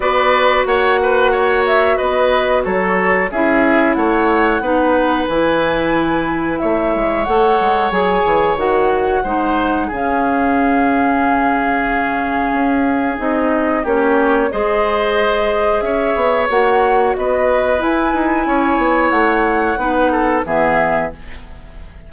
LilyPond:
<<
  \new Staff \with { instrumentName = "flute" } { \time 4/4 \tempo 4 = 91 d''4 fis''4. e''8 dis''4 | cis''4 e''4 fis''2 | gis''2 e''4 fis''4 | gis''4 fis''2 f''4~ |
f''1 | dis''4 cis''4 dis''2 | e''4 fis''4 dis''4 gis''4~ | gis''4 fis''2 e''4 | }
  \new Staff \with { instrumentName = "oboe" } { \time 4/4 b'4 cis''8 b'8 cis''4 b'4 | a'4 gis'4 cis''4 b'4~ | b'2 cis''2~ | cis''2 c''4 gis'4~ |
gis'1~ | gis'4 g'4 c''2 | cis''2 b'2 | cis''2 b'8 a'8 gis'4 | }
  \new Staff \with { instrumentName = "clarinet" } { \time 4/4 fis'1~ | fis'4 e'2 dis'4 | e'2. a'4 | gis'4 fis'4 dis'4 cis'4~ |
cis'1 | dis'4 cis'4 gis'2~ | gis'4 fis'2 e'4~ | e'2 dis'4 b4 | }
  \new Staff \with { instrumentName = "bassoon" } { \time 4/4 b4 ais2 b4 | fis4 cis'4 a4 b4 | e2 a8 gis8 a8 gis8 | fis8 e8 dis4 gis4 cis4~ |
cis2. cis'4 | c'4 ais4 gis2 | cis'8 b8 ais4 b4 e'8 dis'8 | cis'8 b8 a4 b4 e4 | }
>>